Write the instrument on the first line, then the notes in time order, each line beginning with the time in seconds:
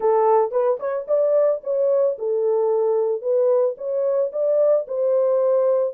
horn
0.00 A4
0.51 B4
0.79 C#5
1.07 D5
1.63 C#5
2.18 A4
3.21 B4
3.77 C#5
4.32 D5
4.87 C5